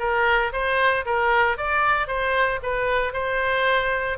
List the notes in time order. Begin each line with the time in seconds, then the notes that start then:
0.00 A#4
0.53 C5
1.06 A#4
1.58 D5
2.08 C5
2.63 B4
3.14 C5